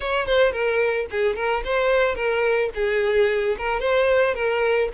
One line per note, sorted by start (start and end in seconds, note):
0.00 0.26 C#5
0.26 0.52 C5
0.52 1.06 A#4
1.10 1.35 G#4
1.35 1.63 A#4
1.64 2.15 C5
2.15 2.69 A#4
2.74 3.56 G#4
3.58 3.79 A#4
3.79 4.34 C5
4.34 4.88 A#4